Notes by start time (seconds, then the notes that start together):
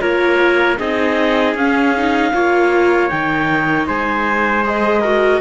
0.00 A#3 F4 A#4 C#5
0.79 C4 D#4 G#4 D#5
1.55 C#4 F5
1.97 D#4
2.33 A#3 F4 C#5
3.09 D#3 D#4 G5
3.88 G#3 C5 G#5
4.64 G#4 D#5
5.01 F#4 A#4